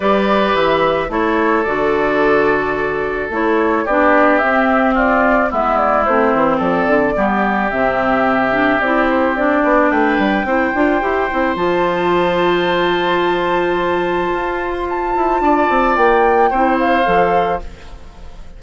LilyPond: <<
  \new Staff \with { instrumentName = "flute" } { \time 4/4 \tempo 4 = 109 d''4 e''4 cis''4 d''4~ | d''2 cis''4 d''4 | e''4 d''4 e''8 d''8 c''4 | d''2 e''2 |
d''8 c''8 d''4 g''2~ | g''4 a''2.~ | a''2~ a''8. c'''16 a''4~ | a''4 g''4. f''4. | }
  \new Staff \with { instrumentName = "oboe" } { \time 4/4 b'2 a'2~ | a'2. g'4~ | g'4 f'4 e'2 | a'4 g'2.~ |
g'2 b'4 c''4~ | c''1~ | c''1 | d''2 c''2 | }
  \new Staff \with { instrumentName = "clarinet" } { \time 4/4 g'2 e'4 fis'4~ | fis'2 e'4 d'4 | c'2 b4 c'4~ | c'4 b4 c'4. d'8 |
e'4 d'2 e'8 f'8 | g'8 e'8 f'2.~ | f'1~ | f'2 e'4 a'4 | }
  \new Staff \with { instrumentName = "bassoon" } { \time 4/4 g4 e4 a4 d4~ | d2 a4 b4 | c'2 gis4 a8 e8 | f8 d8 g4 c2 |
c'4. b8 a8 g8 c'8 d'8 | e'8 c'8 f2.~ | f2 f'4. e'8 | d'8 c'8 ais4 c'4 f4 | }
>>